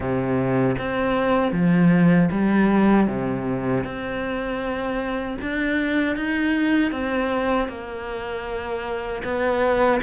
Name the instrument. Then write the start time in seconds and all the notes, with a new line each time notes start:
cello
0.00 C3
0.78 C4
1.52 F3
2.31 G3
3.07 C3
3.84 C4
5.41 D4
6.16 D#4
6.91 C4
7.68 A#3
9.23 B3